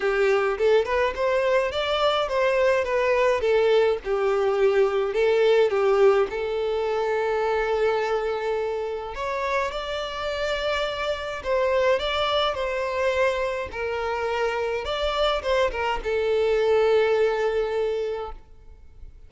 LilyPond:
\new Staff \with { instrumentName = "violin" } { \time 4/4 \tempo 4 = 105 g'4 a'8 b'8 c''4 d''4 | c''4 b'4 a'4 g'4~ | g'4 a'4 g'4 a'4~ | a'1 |
cis''4 d''2. | c''4 d''4 c''2 | ais'2 d''4 c''8 ais'8 | a'1 | }